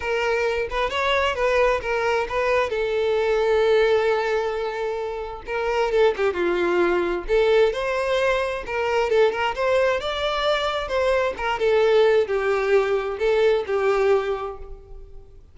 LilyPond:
\new Staff \with { instrumentName = "violin" } { \time 4/4 \tempo 4 = 132 ais'4. b'8 cis''4 b'4 | ais'4 b'4 a'2~ | a'1 | ais'4 a'8 g'8 f'2 |
a'4 c''2 ais'4 | a'8 ais'8 c''4 d''2 | c''4 ais'8 a'4. g'4~ | g'4 a'4 g'2 | }